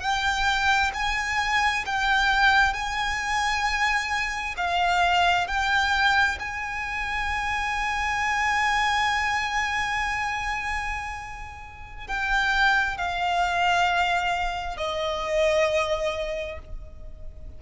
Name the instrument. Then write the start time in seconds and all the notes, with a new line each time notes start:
violin
0.00 G5
0.93 G#5
1.86 G5
2.73 G#5
4.57 F5
5.47 G5
6.39 G#5
12.07 G5
12.97 F5
14.77 D#5